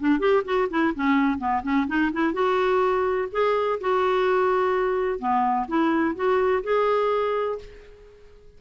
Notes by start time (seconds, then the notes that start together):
0.00 D4
0.20 G4
0.45 F#4
0.70 E4
0.95 C#4
1.39 B3
1.63 C#4
1.88 D#4
2.13 E4
2.34 F#4
3.32 G#4
3.81 F#4
5.19 B3
5.68 E4
6.16 F#4
6.64 G#4